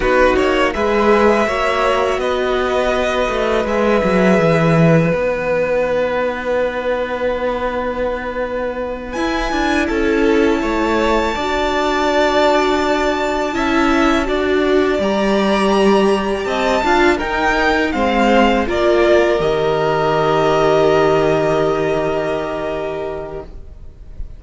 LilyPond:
<<
  \new Staff \with { instrumentName = "violin" } { \time 4/4 \tempo 4 = 82 b'8 cis''8 e''2 dis''4~ | dis''4 e''2 fis''4~ | fis''1~ | fis''8 gis''4 a''2~ a''8~ |
a''1~ | a''8 ais''2 a''4 g''8~ | g''8 f''4 d''4 dis''4.~ | dis''1 | }
  \new Staff \with { instrumentName = "violin" } { \time 4/4 fis'4 b'4 cis''4 b'4~ | b'1~ | b'1~ | b'4. a'4 cis''4 d''8~ |
d''2~ d''8 e''4 d''8~ | d''2~ d''8 dis''8 f''8 ais'8~ | ais'8 c''4 ais'2~ ais'8~ | ais'1 | }
  \new Staff \with { instrumentName = "viola" } { \time 4/4 dis'4 gis'4 fis'2~ | fis'4 gis'2 dis'4~ | dis'1~ | dis'8 e'2. fis'8~ |
fis'2~ fis'8 e'4 fis'8~ | fis'8 g'2~ g'8 f'8 dis'8~ | dis'8 c'4 f'4 g'4.~ | g'1 | }
  \new Staff \with { instrumentName = "cello" } { \time 4/4 b8 ais8 gis4 ais4 b4~ | b8 a8 gis8 fis8 e4 b4~ | b1~ | b8 e'8 d'8 cis'4 a4 d'8~ |
d'2~ d'8 cis'4 d'8~ | d'8 g2 c'8 d'8 dis'8~ | dis'8 gis4 ais4 dis4.~ | dis1 | }
>>